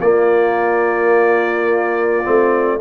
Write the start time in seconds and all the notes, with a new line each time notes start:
0.00 A#3 F4 D5
2.24 A3 C4